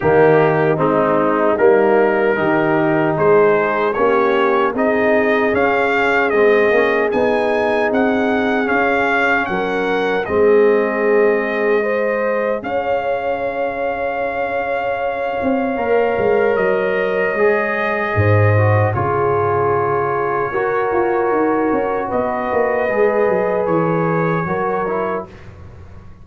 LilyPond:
<<
  \new Staff \with { instrumentName = "trumpet" } { \time 4/4 \tempo 4 = 76 g'4 dis'4 ais'2 | c''4 cis''4 dis''4 f''4 | dis''4 gis''4 fis''4 f''4 | fis''4 dis''2. |
f''1~ | f''4 dis''2. | cis''1 | dis''2 cis''2 | }
  \new Staff \with { instrumentName = "horn" } { \time 4/4 dis'2. g'4 | gis'4 g'4 gis'2~ | gis'1 | ais'4 gis'2 c''4 |
cis''1~ | cis''2. c''4 | gis'2 ais'2 | b'2. ais'4 | }
  \new Staff \with { instrumentName = "trombone" } { \time 4/4 ais4 c'4 ais4 dis'4~ | dis'4 cis'4 dis'4 cis'4 | c'8 cis'8 dis'2 cis'4~ | cis'4 c'2 gis'4~ |
gis'1 | ais'2 gis'4. fis'8 | f'2 fis'2~ | fis'4 gis'2 fis'8 e'8 | }
  \new Staff \with { instrumentName = "tuba" } { \time 4/4 dis4 gis4 g4 dis4 | gis4 ais4 c'4 cis'4 | gis8 ais8 b4 c'4 cis'4 | fis4 gis2. |
cis'2.~ cis'8 c'8 | ais8 gis8 fis4 gis4 gis,4 | cis2 fis'8 f'8 dis'8 cis'8 | b8 ais8 gis8 fis8 e4 fis4 | }
>>